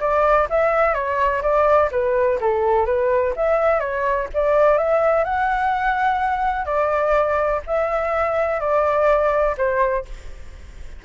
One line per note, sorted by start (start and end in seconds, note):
0.00 0.48 D5
0.50 0.94 E5
0.94 1.42 C#5
1.42 1.89 D5
1.91 2.39 B4
2.40 2.85 A4
2.85 3.33 B4
3.36 3.79 E5
3.79 4.27 C#5
4.34 4.77 D5
4.77 5.24 E5
5.24 6.65 F#5
6.65 7.60 D5
7.66 8.60 E5
8.60 9.55 D5
9.57 10.05 C5